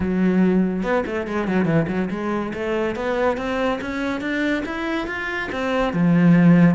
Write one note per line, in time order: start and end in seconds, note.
0.00 0.82 F#3
0.82 1.04 B3
1.06 1.27 A3
1.27 1.47 G#3
1.47 1.65 F#3
1.65 1.86 E3
1.88 2.09 F#3
2.10 2.52 G#3
2.53 2.95 A3
2.95 3.37 B3
3.37 3.79 C4
3.81 4.20 C#4
4.20 4.63 D4
4.65 5.07 E4
5.07 5.49 F4
5.52 5.93 C4
5.93 6.75 F3